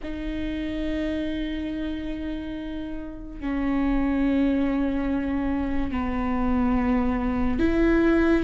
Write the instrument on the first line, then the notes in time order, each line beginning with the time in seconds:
viola
0.02 D#4
3.40 C#4
5.91 B3
7.59 E4